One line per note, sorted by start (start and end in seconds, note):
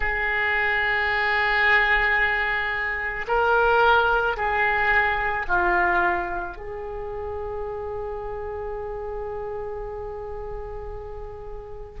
0.00 3.26 G#4
3.27 4.36 A#4
4.36 5.45 G#4
5.48 6.57 F4
6.57 12.00 G#4